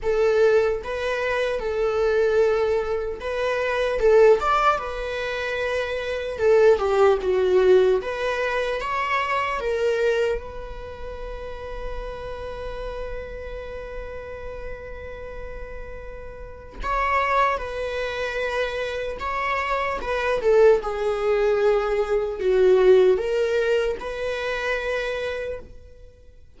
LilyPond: \new Staff \with { instrumentName = "viola" } { \time 4/4 \tempo 4 = 75 a'4 b'4 a'2 | b'4 a'8 d''8 b'2 | a'8 g'8 fis'4 b'4 cis''4 | ais'4 b'2.~ |
b'1~ | b'4 cis''4 b'2 | cis''4 b'8 a'8 gis'2 | fis'4 ais'4 b'2 | }